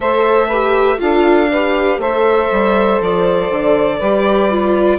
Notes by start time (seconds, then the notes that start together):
0.00 A3 A4 C5 E5
0.47 G4 B4
0.97 D4 F4 A4 F5
1.50 G4 B4
1.98 A3 A4 C5 E5
2.51 G3
3.00 F3 D5
3.50 D3
3.98 G3 G4 B4
4.50 F4